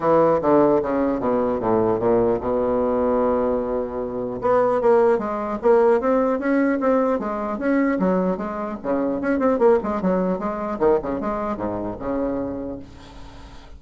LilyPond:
\new Staff \with { instrumentName = "bassoon" } { \time 4/4 \tempo 4 = 150 e4 d4 cis4 b,4 | a,4 ais,4 b,2~ | b,2. b4 | ais4 gis4 ais4 c'4 |
cis'4 c'4 gis4 cis'4 | fis4 gis4 cis4 cis'8 c'8 | ais8 gis8 fis4 gis4 dis8 cis8 | gis4 gis,4 cis2 | }